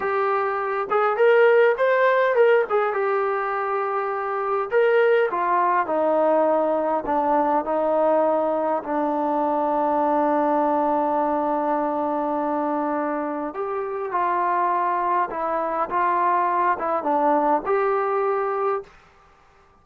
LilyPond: \new Staff \with { instrumentName = "trombone" } { \time 4/4 \tempo 4 = 102 g'4. gis'8 ais'4 c''4 | ais'8 gis'8 g'2. | ais'4 f'4 dis'2 | d'4 dis'2 d'4~ |
d'1~ | d'2. g'4 | f'2 e'4 f'4~ | f'8 e'8 d'4 g'2 | }